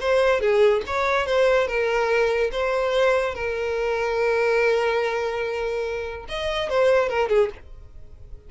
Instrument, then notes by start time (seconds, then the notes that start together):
violin
0.00 C5
0.40 G#4
0.86 C#5
1.26 C5
1.67 A#4
2.51 C5
3.34 A#4
6.28 D#5
6.69 C5
7.09 A#4
7.29 G#4